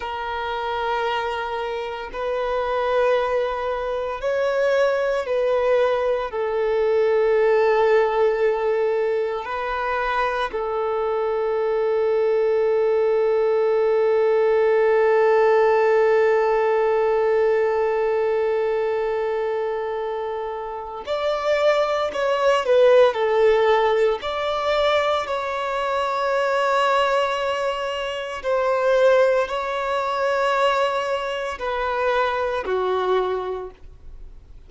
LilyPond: \new Staff \with { instrumentName = "violin" } { \time 4/4 \tempo 4 = 57 ais'2 b'2 | cis''4 b'4 a'2~ | a'4 b'4 a'2~ | a'1~ |
a'1 | d''4 cis''8 b'8 a'4 d''4 | cis''2. c''4 | cis''2 b'4 fis'4 | }